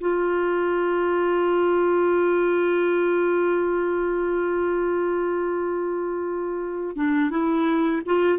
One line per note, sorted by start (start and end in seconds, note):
0.00 6.96 F4
6.96 7.30 D4
7.30 8.02 E4
8.06 8.39 F4